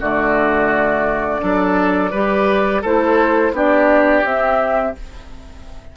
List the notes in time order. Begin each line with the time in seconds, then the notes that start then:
0.00 D3 A3 F#4 D5
1.40 F#3 D4 A4
2.11 G3 G4 B4
2.82 A3 E4 A4 C5
3.52 B3 D4 G4 D5
4.24 C4 E5